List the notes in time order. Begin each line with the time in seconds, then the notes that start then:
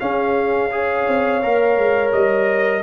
0.00 C#4 G#4 F5
0.71 G#4 C#5
1.08 C4
1.43 A#3 A#4
1.77 G#3
2.13 G3 D#5